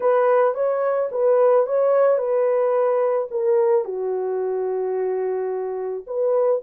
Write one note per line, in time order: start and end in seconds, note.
0.00 0.54 B4
0.54 1.09 C#5
1.11 1.66 B4
1.66 2.17 C#5
2.17 3.28 B4
3.30 3.84 A#4
3.84 6.05 F#4
6.06 6.61 B4